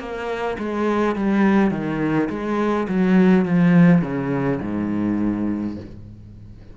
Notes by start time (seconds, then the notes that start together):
0.00 A#3
0.59 G#3
1.16 G3
1.71 D#3
2.30 G#3
2.88 F#3
3.46 F3
4.02 C#3
4.62 G#2